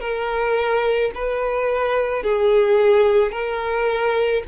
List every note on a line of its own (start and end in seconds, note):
0.00 1.11 A#4
1.15 2.23 B4
2.23 3.32 G#4
3.32 4.43 A#4